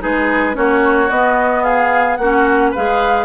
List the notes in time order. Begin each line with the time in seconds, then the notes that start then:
0.00 G#3 D#4 G#4 B4
0.53 A#3 C#4 F#4 C#5
1.10 B3 D#5
1.63 G#4 F5
2.16 A#3 C#4 F#4 F#5
2.70 G#4 B4 F5
2.77 G#3